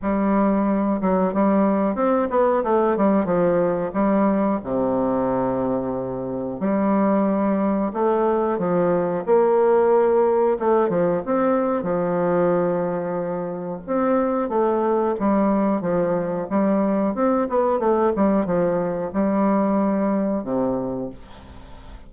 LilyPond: \new Staff \with { instrumentName = "bassoon" } { \time 4/4 \tempo 4 = 91 g4. fis8 g4 c'8 b8 | a8 g8 f4 g4 c4~ | c2 g2 | a4 f4 ais2 |
a8 f8 c'4 f2~ | f4 c'4 a4 g4 | f4 g4 c'8 b8 a8 g8 | f4 g2 c4 | }